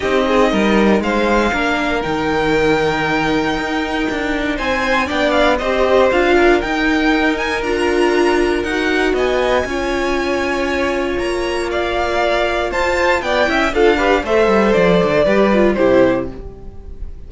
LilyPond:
<<
  \new Staff \with { instrumentName = "violin" } { \time 4/4 \tempo 4 = 118 dis''2 f''2 | g''1~ | g''4 gis''4 g''8 f''8 dis''4 | f''4 g''4. gis''8 ais''4~ |
ais''4 fis''4 gis''2~ | gis''2 ais''4 f''4~ | f''4 a''4 g''4 f''4 | e''4 d''2 c''4 | }
  \new Staff \with { instrumentName = "violin" } { \time 4/4 g'8 gis'8 ais'4 c''4 ais'4~ | ais'1~ | ais'4 c''4 d''4 c''4~ | c''8 ais'2.~ ais'8~ |
ais'2 dis''4 cis''4~ | cis''2. d''4~ | d''4 c''4 d''8 e''8 a'8 b'8 | c''2 b'4 g'4 | }
  \new Staff \with { instrumentName = "viola" } { \time 4/4 dis'2. d'4 | dis'1~ | dis'2 d'4 g'4 | f'4 dis'2 f'4~ |
f'4 fis'2 f'4~ | f'1~ | f'2~ f'8 e'8 f'8 g'8 | a'2 g'8 f'8 e'4 | }
  \new Staff \with { instrumentName = "cello" } { \time 4/4 c'4 g4 gis4 ais4 | dis2. dis'4 | d'4 c'4 b4 c'4 | d'4 dis'2 d'4~ |
d'4 dis'4 b4 cis'4~ | cis'2 ais2~ | ais4 f'4 b8 cis'8 d'4 | a8 g8 f8 d8 g4 c4 | }
>>